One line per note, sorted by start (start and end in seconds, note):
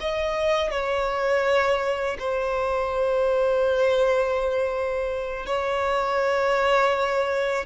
0.00 0.70 D#5
0.70 2.17 C#5
2.19 5.46 C5
5.46 7.65 C#5